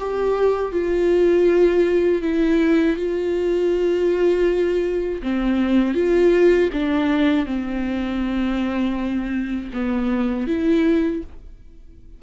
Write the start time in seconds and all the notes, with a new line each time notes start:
0.00 G4
0.72 F4
2.22 E4
2.97 F4
5.23 C4
5.95 F4
6.73 D4
7.46 C4
9.73 B3
10.48 E4